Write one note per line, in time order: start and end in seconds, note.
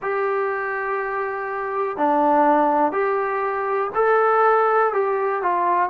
0.01 1.97 G4
1.97 2.92 D4
2.92 3.90 G4
3.94 4.93 A4
4.93 5.42 G4
5.42 5.89 F4